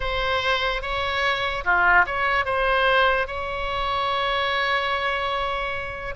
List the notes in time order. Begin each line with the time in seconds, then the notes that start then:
0.00 C5
0.81 C#5
1.64 F4
2.06 C#5
2.45 C5
3.27 C#5